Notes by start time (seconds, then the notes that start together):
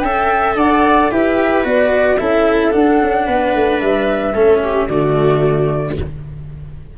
0.00 C#4 A4 E5 G5
0.55 D4 D5 F#5
1.11 E4 G4 B4 E5
1.64 B3 F#4 D5
2.18 C#4 E4 A4 E5
2.72 D4 F#5
3.02 C#4
3.26 B3 B4
3.55 A3
3.80 G3 E5
4.34 A3 C#4 A4
4.64 G4
4.88 D3 A3 F#4 D5